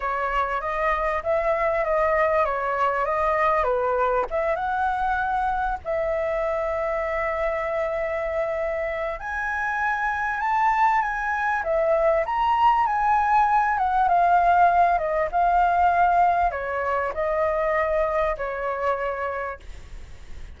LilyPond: \new Staff \with { instrumentName = "flute" } { \time 4/4 \tempo 4 = 98 cis''4 dis''4 e''4 dis''4 | cis''4 dis''4 b'4 e''8 fis''8~ | fis''4. e''2~ e''8~ | e''2. gis''4~ |
gis''4 a''4 gis''4 e''4 | ais''4 gis''4. fis''8 f''4~ | f''8 dis''8 f''2 cis''4 | dis''2 cis''2 | }